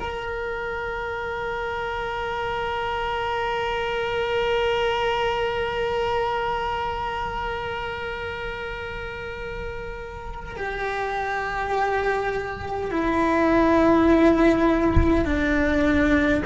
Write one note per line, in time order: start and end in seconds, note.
0.00 10.56 A#4
10.56 12.91 G4
12.91 15.25 E4
15.25 16.42 D4